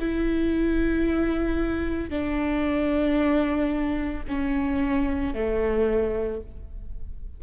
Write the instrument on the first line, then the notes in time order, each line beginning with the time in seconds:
viola
0.00 E4
2.10 D4
4.28 C#4
5.34 A3